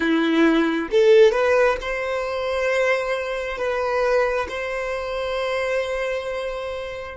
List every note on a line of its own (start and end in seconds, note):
0.00 0.88 E4
0.91 1.32 A4
1.32 1.77 B4
1.81 3.57 C5
3.57 4.47 B4
4.48 7.17 C5